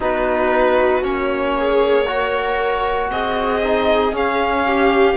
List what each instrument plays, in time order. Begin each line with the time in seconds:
0.00 cello B3, trombone D#4, viola F#4, violin B4
1.02 cello A#3, trombone C#4, violin C#5
1.57 viola G#4
2.06 trombone F#4, viola A#4
3.10 cello C4, viola G#4, violin D#5
3.63 trombone D#4
4.12 trombone C#4, cello C#4, violin F5
4.66 viola G4